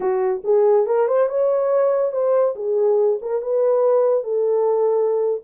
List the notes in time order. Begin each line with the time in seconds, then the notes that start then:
0.00 F#4
0.44 G#4
0.86 A#4
1.07 C5
1.28 C#5
2.12 C5
2.55 G#4
3.21 A#4
3.42 B4
4.23 A4